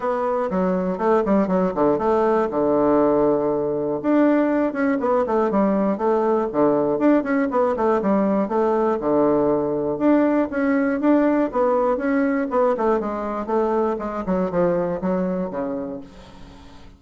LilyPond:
\new Staff \with { instrumentName = "bassoon" } { \time 4/4 \tempo 4 = 120 b4 fis4 a8 g8 fis8 d8 | a4 d2. | d'4. cis'8 b8 a8 g4 | a4 d4 d'8 cis'8 b8 a8 |
g4 a4 d2 | d'4 cis'4 d'4 b4 | cis'4 b8 a8 gis4 a4 | gis8 fis8 f4 fis4 cis4 | }